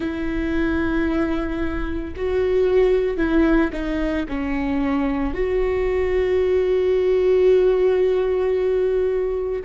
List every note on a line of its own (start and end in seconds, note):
0.00 2.14 E4
2.15 3.17 F#4
3.17 3.70 E4
3.72 4.26 D#4
4.28 5.34 C#4
5.34 9.62 F#4